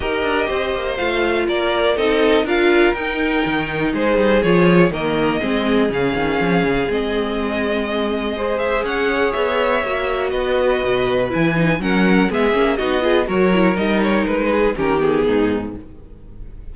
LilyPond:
<<
  \new Staff \with { instrumentName = "violin" } { \time 4/4 \tempo 4 = 122 dis''2 f''4 d''4 | dis''4 f''4 g''2 | c''4 cis''4 dis''2 | f''2 dis''2~ |
dis''4. e''8 fis''4 e''4~ | e''4 dis''2 gis''4 | fis''4 e''4 dis''4 cis''4 | dis''8 cis''8 b'4 ais'8 gis'4. | }
  \new Staff \with { instrumentName = "violin" } { \time 4/4 ais'4 c''2 ais'4 | a'4 ais'2. | gis'2 ais'4 gis'4~ | gis'1~ |
gis'4 c''4 cis''2~ | cis''4 b'2. | ais'4 gis'4 fis'8 gis'8 ais'4~ | ais'4. gis'8 g'4 dis'4 | }
  \new Staff \with { instrumentName = "viola" } { \time 4/4 g'2 f'2 | dis'4 f'4 dis'2~ | dis'4 f'4 ais4 c'4 | cis'2 c'2~ |
c'4 gis'2. | fis'2. e'8 dis'8 | cis'4 b8 cis'8 dis'8 f'8 fis'8 e'8 | dis'2 cis'8 b4. | }
  \new Staff \with { instrumentName = "cello" } { \time 4/4 dis'8 d'8 c'8 ais8 a4 ais4 | c'4 d'4 dis'4 dis4 | gis8 g8 f4 dis4 gis4 | cis8 dis8 f8 cis8 gis2~ |
gis2 cis'4 b4 | ais4 b4 b,4 e4 | fis4 gis8 ais8 b4 fis4 | g4 gis4 dis4 gis,4 | }
>>